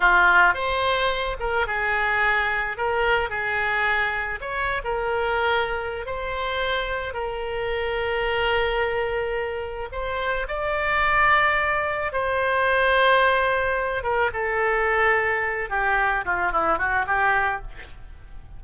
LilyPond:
\new Staff \with { instrumentName = "oboe" } { \time 4/4 \tempo 4 = 109 f'4 c''4. ais'8 gis'4~ | gis'4 ais'4 gis'2 | cis''8. ais'2~ ais'16 c''4~ | c''4 ais'2.~ |
ais'2 c''4 d''4~ | d''2 c''2~ | c''4. ais'8 a'2~ | a'8 g'4 f'8 e'8 fis'8 g'4 | }